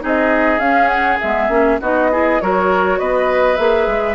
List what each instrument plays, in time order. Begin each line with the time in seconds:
0.00 bassoon C4, clarinet D#4, oboe G#4
0.06 flute D#5
0.59 bassoon C#4, clarinet C#4, flute F5
0.88 flute F#5
1.21 bassoon G#3, clarinet B3, flute E5
1.49 bassoon A#3, clarinet C#4
1.81 bassoon B3, clarinet D#4, oboe F#4, flute D#5
2.12 clarinet E4, oboe G#4
2.41 bassoon F#3, clarinet F#4, oboe A#4, flute C#5
2.99 bassoon B3, oboe B4, flute D#5
3.57 bassoon A#3, clarinet G#4, flute E5
3.87 bassoon G#3